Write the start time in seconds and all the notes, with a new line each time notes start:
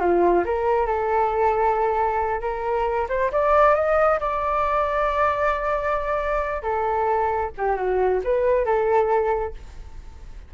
0.00 F4
0.45 A#4
0.86 A4
2.41 A#4
3.09 C5
3.32 D5
3.75 D#5
4.20 D5
6.62 A4
7.58 G4
7.76 F#4
8.24 B4
8.65 A4